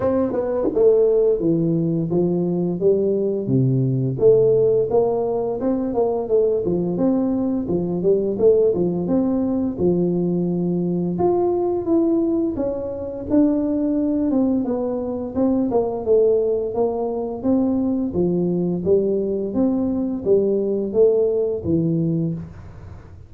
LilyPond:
\new Staff \with { instrumentName = "tuba" } { \time 4/4 \tempo 4 = 86 c'8 b8 a4 e4 f4 | g4 c4 a4 ais4 | c'8 ais8 a8 f8 c'4 f8 g8 | a8 f8 c'4 f2 |
f'4 e'4 cis'4 d'4~ | d'8 c'8 b4 c'8 ais8 a4 | ais4 c'4 f4 g4 | c'4 g4 a4 e4 | }